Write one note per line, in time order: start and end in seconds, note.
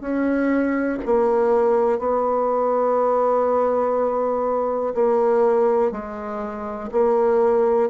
0.00 0.98 C#4
1.06 1.99 A#3
1.99 4.94 B3
4.94 5.92 A#3
5.92 6.90 G#3
6.91 7.90 A#3